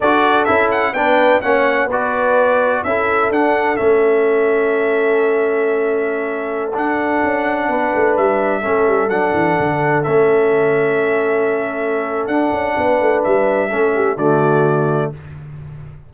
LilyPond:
<<
  \new Staff \with { instrumentName = "trumpet" } { \time 4/4 \tempo 4 = 127 d''4 e''8 fis''8 g''4 fis''4 | d''2 e''4 fis''4 | e''1~ | e''2~ e''16 fis''4.~ fis''16~ |
fis''4~ fis''16 e''2 fis''8.~ | fis''4~ fis''16 e''2~ e''8.~ | e''2 fis''2 | e''2 d''2 | }
  \new Staff \with { instrumentName = "horn" } { \time 4/4 a'2 b'4 cis''4 | b'2 a'2~ | a'1~ | a'1~ |
a'16 b'2 a'4.~ a'16~ | a'1~ | a'2. b'4~ | b'4 a'8 g'8 fis'2 | }
  \new Staff \with { instrumentName = "trombone" } { \time 4/4 fis'4 e'4 d'4 cis'4 | fis'2 e'4 d'4 | cis'1~ | cis'2~ cis'16 d'4.~ d'16~ |
d'2~ d'16 cis'4 d'8.~ | d'4~ d'16 cis'2~ cis'8.~ | cis'2 d'2~ | d'4 cis'4 a2 | }
  \new Staff \with { instrumentName = "tuba" } { \time 4/4 d'4 cis'4 b4 ais4 | b2 cis'4 d'4 | a1~ | a2~ a16 d'4 cis'8.~ |
cis'16 b8 a8 g4 a8 g8 fis8 e16~ | e16 d4 a2~ a8.~ | a2 d'8 cis'8 b8 a8 | g4 a4 d2 | }
>>